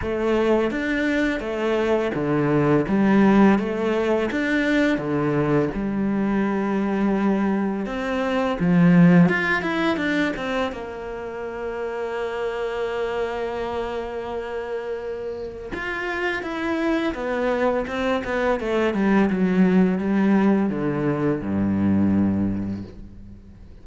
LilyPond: \new Staff \with { instrumentName = "cello" } { \time 4/4 \tempo 4 = 84 a4 d'4 a4 d4 | g4 a4 d'4 d4 | g2. c'4 | f4 f'8 e'8 d'8 c'8 ais4~ |
ais1~ | ais2 f'4 e'4 | b4 c'8 b8 a8 g8 fis4 | g4 d4 g,2 | }